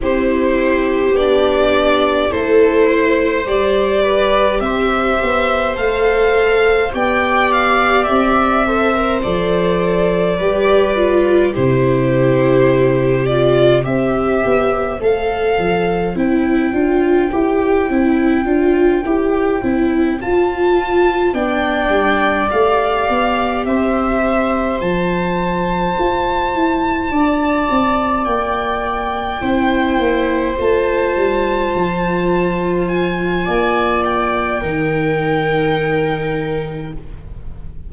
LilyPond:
<<
  \new Staff \with { instrumentName = "violin" } { \time 4/4 \tempo 4 = 52 c''4 d''4 c''4 d''4 | e''4 f''4 g''8 f''8 e''4 | d''2 c''4. d''8 | e''4 f''4 g''2~ |
g''4. a''4 g''4 f''8~ | f''8 e''4 a''2~ a''8~ | a''8 g''2 a''4.~ | a''8 gis''4 g''2~ g''8 | }
  \new Staff \with { instrumentName = "viola" } { \time 4/4 g'2 a'8 c''4 b'8 | c''2 d''4. c''8~ | c''4 b'4 g'2 | c''1~ |
c''2~ c''8 d''4.~ | d''8 c''2. d''8~ | d''4. c''2~ c''8~ | c''4 d''4 ais'2 | }
  \new Staff \with { instrumentName = "viola" } { \time 4/4 e'4 d'4 e'4 g'4~ | g'4 a'4 g'4. a'16 ais'16 | a'4 g'8 f'8 e'4. f'8 | g'4 a'4 e'8 f'8 g'8 e'8 |
f'8 g'8 e'8 f'4 d'4 g'8~ | g'4. f'2~ f'8~ | f'4. e'4 f'4.~ | f'2 dis'2 | }
  \new Staff \with { instrumentName = "tuba" } { \time 4/4 c'4 b4 a4 g4 | c'8 b8 a4 b4 c'4 | f4 g4 c2 | c'8 b8 a8 f8 c'8 d'8 e'8 c'8 |
d'8 e'8 c'8 f'4 b8 g8 a8 | b8 c'4 f4 f'8 e'8 d'8 | c'8 ais4 c'8 ais8 a8 g8 f8~ | f4 ais4 dis2 | }
>>